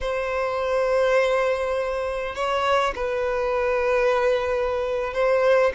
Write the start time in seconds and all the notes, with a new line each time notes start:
0.00 C5
2.35 C#5
2.95 B4
5.13 C5